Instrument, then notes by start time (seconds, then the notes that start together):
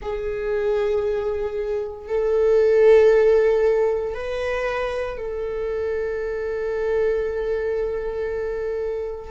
viola
0.02 G#4
2.08 A4
4.14 B4
5.17 A4